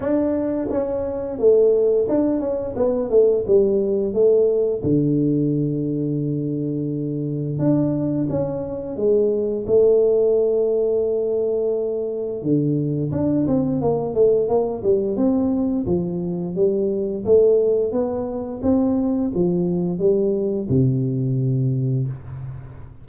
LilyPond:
\new Staff \with { instrumentName = "tuba" } { \time 4/4 \tempo 4 = 87 d'4 cis'4 a4 d'8 cis'8 | b8 a8 g4 a4 d4~ | d2. d'4 | cis'4 gis4 a2~ |
a2 d4 d'8 c'8 | ais8 a8 ais8 g8 c'4 f4 | g4 a4 b4 c'4 | f4 g4 c2 | }